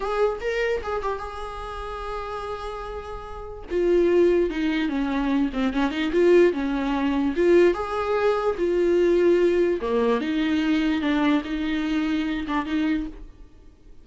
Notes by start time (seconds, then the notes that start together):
0.00 G#4
0.41 A#4
0.82 G#4
1.02 G4
1.19 G#4
3.71 F4
4.50 D#4
4.88 C#4
5.53 C4
5.73 C#4
5.91 D#4
6.12 F4
6.52 C#4
7.36 F4
7.74 G#4
8.58 F4
9.81 A#3
10.20 D#4
11.01 D4
11.44 D#4
12.47 D4
12.65 D#4